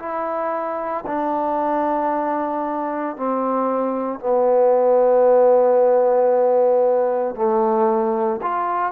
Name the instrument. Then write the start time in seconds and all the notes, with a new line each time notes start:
trombone
0.00 E4
1.07 D4
3.17 C4
4.20 B3
7.36 A3
8.43 F4